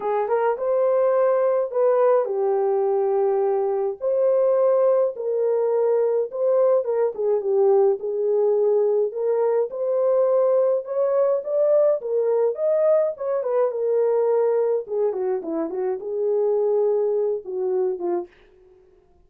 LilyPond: \new Staff \with { instrumentName = "horn" } { \time 4/4 \tempo 4 = 105 gis'8 ais'8 c''2 b'4 | g'2. c''4~ | c''4 ais'2 c''4 | ais'8 gis'8 g'4 gis'2 |
ais'4 c''2 cis''4 | d''4 ais'4 dis''4 cis''8 b'8 | ais'2 gis'8 fis'8 e'8 fis'8 | gis'2~ gis'8 fis'4 f'8 | }